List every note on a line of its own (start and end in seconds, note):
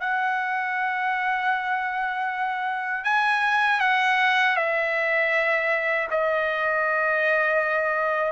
0.00 3.04 F#5
3.04 3.80 G#5
3.80 4.56 F#5
4.56 6.08 E5
6.10 8.32 D#5